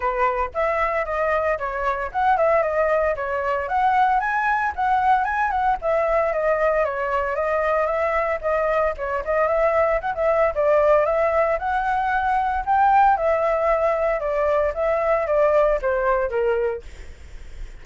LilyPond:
\new Staff \with { instrumentName = "flute" } { \time 4/4 \tempo 4 = 114 b'4 e''4 dis''4 cis''4 | fis''8 e''8 dis''4 cis''4 fis''4 | gis''4 fis''4 gis''8 fis''8 e''4 | dis''4 cis''4 dis''4 e''4 |
dis''4 cis''8 dis''8 e''4 fis''16 e''8. | d''4 e''4 fis''2 | g''4 e''2 d''4 | e''4 d''4 c''4 ais'4 | }